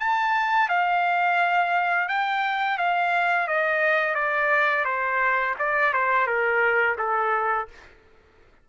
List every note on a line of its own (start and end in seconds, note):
0.00 0.69 A5
0.69 2.09 F5
2.09 2.78 G5
2.78 3.48 F5
3.48 4.15 D#5
4.15 4.85 D5
4.85 5.55 C5
5.59 5.94 D5
5.94 6.27 C5
6.27 6.97 A#4
6.99 7.68 A4